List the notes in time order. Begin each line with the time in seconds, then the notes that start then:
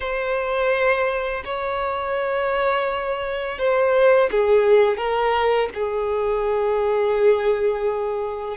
0.00 C5
1.44 C#5
3.58 C5
4.31 G#4
4.97 A#4
5.74 G#4